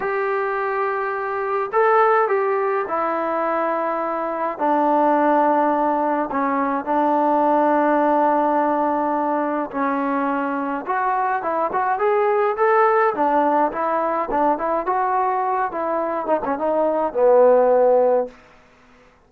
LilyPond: \new Staff \with { instrumentName = "trombone" } { \time 4/4 \tempo 4 = 105 g'2. a'4 | g'4 e'2. | d'2. cis'4 | d'1~ |
d'4 cis'2 fis'4 | e'8 fis'8 gis'4 a'4 d'4 | e'4 d'8 e'8 fis'4. e'8~ | e'8 dis'16 cis'16 dis'4 b2 | }